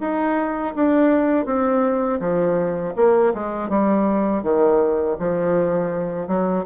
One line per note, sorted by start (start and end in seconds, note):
0.00 0.74 D#4
0.75 1.45 D4
1.45 2.19 C4
2.20 2.94 F3
2.96 3.33 A#3
3.34 3.69 G#3
3.69 4.42 G3
4.42 5.16 D#3
5.19 6.27 F3
6.27 6.64 F#3